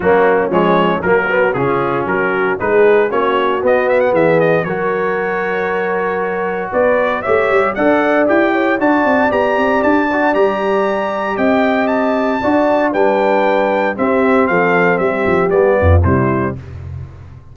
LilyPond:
<<
  \new Staff \with { instrumentName = "trumpet" } { \time 4/4 \tempo 4 = 116 fis'4 cis''4 ais'4 gis'4 | ais'4 b'4 cis''4 dis''8 e''16 fis''16 | e''8 dis''8 cis''2.~ | cis''4 d''4 e''4 fis''4 |
g''4 a''4 ais''4 a''4 | ais''2 g''4 a''4~ | a''4 g''2 e''4 | f''4 e''4 d''4 c''4 | }
  \new Staff \with { instrumentName = "horn" } { \time 4/4 cis'2 fis'4 f'4 | fis'4 gis'4 fis'2 | gis'4 ais'2.~ | ais'4 b'4 cis''4 d''4~ |
d''8 cis''8 d''2.~ | d''2 dis''2 | d''4 b'2 g'4 | a'4 g'4. f'8 e'4 | }
  \new Staff \with { instrumentName = "trombone" } { \time 4/4 ais4 gis4 ais8 b8 cis'4~ | cis'4 dis'4 cis'4 b4~ | b4 fis'2.~ | fis'2 g'4 a'4 |
g'4 fis'4 g'4. fis'8 | g'1 | fis'4 d'2 c'4~ | c'2 b4 g4 | }
  \new Staff \with { instrumentName = "tuba" } { \time 4/4 fis4 f4 fis4 cis4 | fis4 gis4 ais4 b4 | e4 fis2.~ | fis4 b4 a8 g8 d'4 |
e'4 d'8 c'8 b8 c'8 d'4 | g2 c'2 | d'4 g2 c'4 | f4 g8 f8 g8 f,8 c4 | }
>>